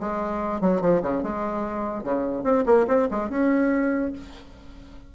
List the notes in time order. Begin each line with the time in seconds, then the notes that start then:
0.00 G#3
0.61 F#3
0.81 F3
1.02 C#3
1.23 G#3
2.04 C#3
2.44 C4
2.66 A#3
2.88 C4
3.11 G#3
3.30 C#4